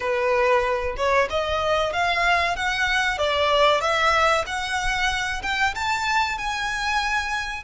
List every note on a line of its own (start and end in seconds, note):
0.00 0.96 B4
0.96 1.28 C#5
1.30 1.93 D#5
1.93 2.56 F5
2.56 3.17 F#5
3.17 3.81 D5
3.81 4.44 E5
4.46 5.42 F#5
5.42 5.74 G5
5.74 6.38 A5
6.38 7.63 G#5